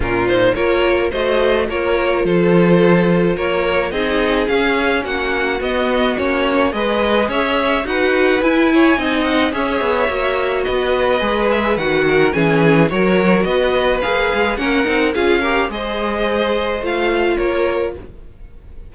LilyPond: <<
  \new Staff \with { instrumentName = "violin" } { \time 4/4 \tempo 4 = 107 ais'8 c''8 cis''4 dis''4 cis''4 | c''2 cis''4 dis''4 | f''4 fis''4 dis''4 cis''4 | dis''4 e''4 fis''4 gis''4~ |
gis''8 fis''8 e''2 dis''4~ | dis''8 e''8 fis''4 gis''4 cis''4 | dis''4 f''4 fis''4 f''4 | dis''2 f''4 cis''4 | }
  \new Staff \with { instrumentName = "violin" } { \time 4/4 f'4 ais'4 c''4 ais'4 | a'2 ais'4 gis'4~ | gis'4 fis'2. | b'4 cis''4 b'4. cis''8 |
dis''4 cis''2 b'4~ | b'4. ais'8 gis'4 ais'4 | b'2 ais'4 gis'8 ais'8 | c''2. ais'4 | }
  \new Staff \with { instrumentName = "viola" } { \time 4/4 cis'8 dis'8 f'4 fis'4 f'4~ | f'2. dis'4 | cis'2 b4 cis'4 | gis'2 fis'4 e'4 |
dis'4 gis'4 fis'2 | gis'4 fis'4 cis'4 fis'4~ | fis'4 gis'4 cis'8 dis'8 f'8 g'8 | gis'2 f'2 | }
  \new Staff \with { instrumentName = "cello" } { \time 4/4 ais,4 ais4 a4 ais4 | f2 ais4 c'4 | cis'4 ais4 b4 ais4 | gis4 cis'4 dis'4 e'4 |
c'4 cis'8 b8 ais4 b4 | gis4 dis4 e4 fis4 | b4 ais8 gis8 ais8 c'8 cis'4 | gis2 a4 ais4 | }
>>